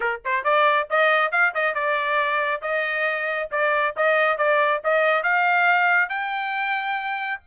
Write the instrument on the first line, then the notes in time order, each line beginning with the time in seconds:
trumpet
0.00 A#4
0.24 C5
0.44 D5
0.90 D#5
1.31 F5
1.54 D#5
1.74 D5
2.61 D#5
3.51 D5
3.96 D#5
4.37 D5
4.84 D#5
5.23 F5
6.09 G5